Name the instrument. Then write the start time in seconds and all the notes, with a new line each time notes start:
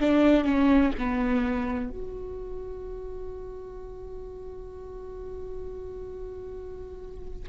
viola
0.00 D4
0.44 C#4
0.98 B3
1.90 F#4